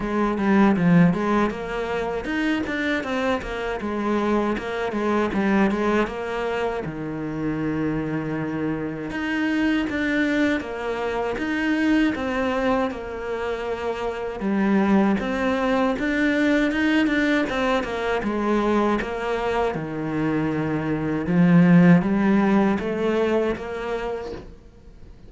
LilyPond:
\new Staff \with { instrumentName = "cello" } { \time 4/4 \tempo 4 = 79 gis8 g8 f8 gis8 ais4 dis'8 d'8 | c'8 ais8 gis4 ais8 gis8 g8 gis8 | ais4 dis2. | dis'4 d'4 ais4 dis'4 |
c'4 ais2 g4 | c'4 d'4 dis'8 d'8 c'8 ais8 | gis4 ais4 dis2 | f4 g4 a4 ais4 | }